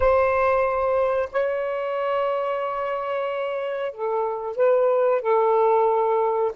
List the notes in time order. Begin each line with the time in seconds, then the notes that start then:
0.00 C5
1.32 C#5
3.91 A4
4.56 B4
5.21 A4